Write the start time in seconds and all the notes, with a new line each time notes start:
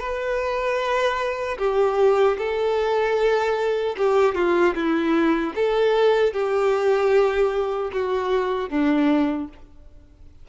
0.00 B4
1.59 G4
2.39 A4
3.98 G4
4.35 F4
4.75 E4
5.56 A4
6.33 G4
7.93 F#4
8.70 D4